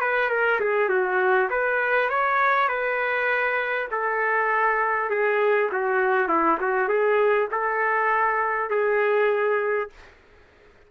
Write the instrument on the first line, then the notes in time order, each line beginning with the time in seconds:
trumpet
0.00 B4
0.29 A#4
0.59 G#4
0.89 F#4
1.49 B4
2.09 C#5
2.68 B4
3.91 A4
5.10 G#4
5.72 F#4
6.28 E4
6.60 F#4
6.88 G#4
7.51 A4
8.70 G#4